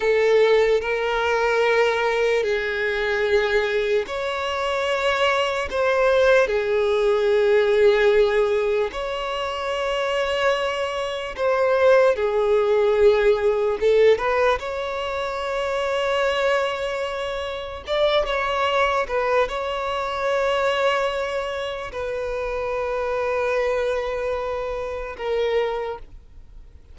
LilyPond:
\new Staff \with { instrumentName = "violin" } { \time 4/4 \tempo 4 = 74 a'4 ais'2 gis'4~ | gis'4 cis''2 c''4 | gis'2. cis''4~ | cis''2 c''4 gis'4~ |
gis'4 a'8 b'8 cis''2~ | cis''2 d''8 cis''4 b'8 | cis''2. b'4~ | b'2. ais'4 | }